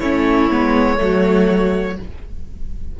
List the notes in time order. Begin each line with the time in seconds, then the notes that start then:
0.00 A3 C#4 E4 C#5
0.50 G#3 B3
0.98 F#3 A3 F#4